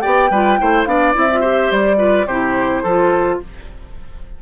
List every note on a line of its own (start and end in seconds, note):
0.00 0.31 B3
0.00 0.31 G4
0.00 0.30 D5
0.00 0.84 G5
0.31 0.59 G3
0.31 0.59 F4
0.31 0.59 B4
0.59 0.86 A3
0.59 0.87 E4
0.59 0.89 C5
0.85 1.14 B3
0.85 1.14 D4
0.85 1.41 D5
0.85 1.13 F5
1.14 1.71 C4
1.14 1.28 E4
1.14 1.72 E5
1.33 1.42 F4
1.41 1.98 G4
1.41 1.97 C5
1.71 2.27 G3
1.71 2.27 D5
1.98 2.26 F4
1.98 2.27 B4
2.27 2.83 C3
2.27 2.86 E4
2.27 2.83 G4
2.27 3.39 C5
2.83 3.41 F3
2.83 3.42 F4
2.83 3.39 A4